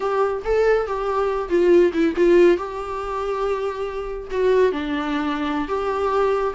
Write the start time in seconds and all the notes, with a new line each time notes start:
0.00 G4
0.44 A4
0.86 G4
1.49 F4
1.93 E4
2.16 F4
2.57 G4
4.31 F#4
4.71 D4
5.68 G4